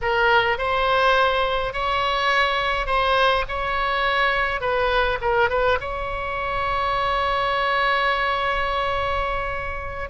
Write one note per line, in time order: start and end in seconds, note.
0.01 0.58 A#4
0.58 1.73 C5
1.73 2.86 C#5
2.86 3.44 C5
3.48 4.60 C#5
4.60 5.18 B4
5.21 5.49 A#4
5.49 5.78 B4
5.80 10.09 C#5